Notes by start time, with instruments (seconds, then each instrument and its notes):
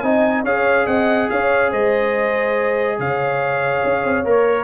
0.00 tuba C4, trombone D#4, horn D#5, trumpet G#5
0.44 tuba C#4, trombone G#4, horn C#5, trumpet F5
0.86 tuba C4, horn D#5, trumpet F#5
1.30 tuba C#4, horn C#5, trumpet F5
1.71 tuba G#3, horn C5, trumpet D#5
2.99 tuba C#3, horn C#5, trumpet F5
3.84 tuba C#4
4.05 tuba C4
4.25 tuba A#3, trombone A#4, trumpet C#5